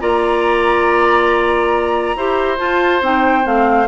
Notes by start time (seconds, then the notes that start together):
0.00 A#3 F4 D5 A#5
2.15 E4 G4 C5
2.57 F4 A5
3.01 C4 D#4 G5
3.42 A3 C4 F5